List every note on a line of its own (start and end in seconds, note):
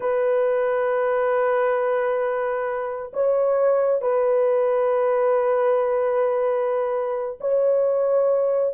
0.00 3.11 B4
3.13 4.01 C#5
4.01 7.37 B4
7.40 8.74 C#5